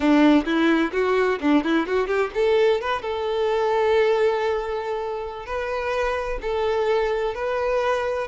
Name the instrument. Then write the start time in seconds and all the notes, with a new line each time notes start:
violin
0.00 D4
0.45 E4
0.92 F#4
1.40 D4
1.63 E4
1.86 F#4
2.07 G4
2.34 A4
2.81 B4
3.01 A4
5.45 B4
6.41 A4
7.34 B4